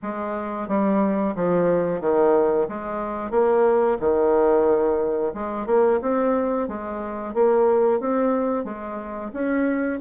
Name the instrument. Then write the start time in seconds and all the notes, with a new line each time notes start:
bassoon
0.02 G#3
0.68 G3
1.35 F3
2.00 D#3
2.68 G#3
3.31 A#3
4.00 D#3
5.34 G#3
5.66 A#3
6.01 C4
6.68 G#3
7.33 A#3
8.00 C4
8.64 G#3
9.33 C#4